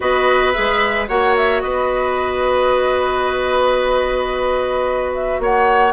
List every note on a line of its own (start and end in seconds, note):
0.00 0.55 B3
0.00 0.53 F#4
0.00 1.08 B4
0.00 0.52 D#5
0.52 1.08 G#3
0.52 1.08 G#4
0.52 1.06 E5
1.08 1.62 A#3
1.08 5.92 F#4
1.08 1.62 C#5
1.08 1.35 F#5
1.37 1.60 E5
1.60 5.39 B3
1.60 5.41 B4
1.60 5.12 D#5
5.14 5.41 E5
5.39 5.92 A#3
5.39 5.92 C#5
5.39 5.92 F#5